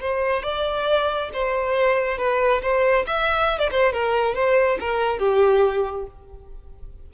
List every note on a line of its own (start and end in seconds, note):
0.00 0.43 C5
0.43 1.30 D5
1.33 2.18 C5
2.18 2.61 B4
2.62 3.05 C5
3.07 3.58 E5
3.58 3.69 D5
3.71 3.93 C5
3.93 4.35 A#4
4.35 4.78 C5
4.80 5.19 A#4
5.19 6.06 G4